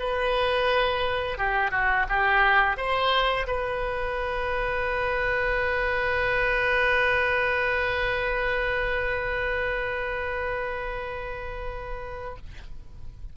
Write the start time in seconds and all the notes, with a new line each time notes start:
0.00 B4
1.38 G4
1.72 F#4
2.09 G4
2.77 C5
3.48 B4